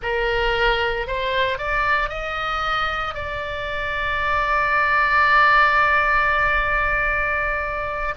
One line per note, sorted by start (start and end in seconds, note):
0.02 1.07 A#4
1.07 1.58 C5
1.58 2.09 D5
2.09 3.14 D#5
3.14 8.14 D5